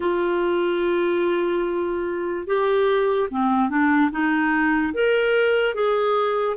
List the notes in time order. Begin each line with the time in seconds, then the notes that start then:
0.00 F4
2.46 G4
3.30 C4
3.69 D4
4.11 D#4
4.93 A#4
5.74 G#4